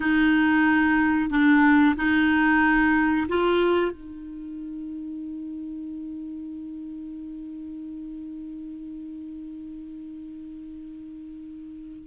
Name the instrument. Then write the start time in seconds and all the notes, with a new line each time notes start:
clarinet
0.00 D#4
1.30 D4
1.96 D#4
3.28 F4
3.91 D#4